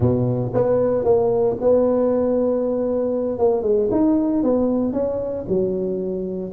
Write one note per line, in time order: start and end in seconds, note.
0.00 0.52 B2
0.53 1.04 B3
1.04 1.56 A#3
1.60 3.39 B3
3.39 3.62 A#3
3.62 3.88 G#3
3.91 4.43 D#4
4.43 4.93 B3
4.93 5.45 C#4
5.48 6.52 F#3